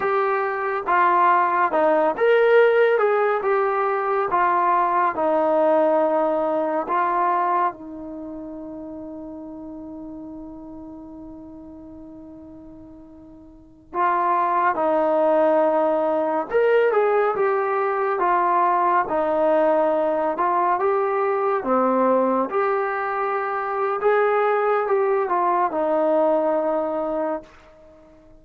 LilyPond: \new Staff \with { instrumentName = "trombone" } { \time 4/4 \tempo 4 = 70 g'4 f'4 dis'8 ais'4 gis'8 | g'4 f'4 dis'2 | f'4 dis'2.~ | dis'1~ |
dis'16 f'4 dis'2 ais'8 gis'16~ | gis'16 g'4 f'4 dis'4. f'16~ | f'16 g'4 c'4 g'4.~ g'16 | gis'4 g'8 f'8 dis'2 | }